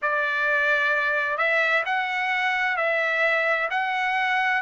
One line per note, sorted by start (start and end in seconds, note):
0.02 1.37 D5
1.37 1.83 E5
1.85 2.77 F#5
2.77 3.69 E5
3.70 4.62 F#5